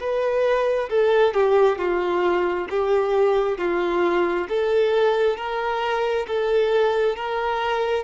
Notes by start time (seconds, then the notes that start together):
0.00 B4
0.90 A4
1.34 G4
1.78 F4
2.70 G4
3.58 F4
4.49 A4
5.37 A#4
6.27 A4
7.16 A#4